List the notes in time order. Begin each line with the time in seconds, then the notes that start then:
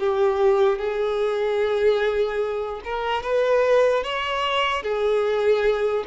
0.00 G4
0.79 G#4
2.85 A#4
3.23 B4
4.04 C#5
4.83 G#4